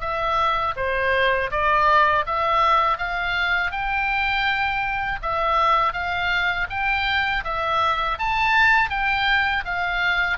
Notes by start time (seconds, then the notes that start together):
0.00 E5
0.76 C5
1.51 D5
2.26 E5
2.98 F5
3.71 G5
5.22 E5
5.93 F5
6.69 G5
7.44 E5
8.18 A5
8.89 G5
9.65 F5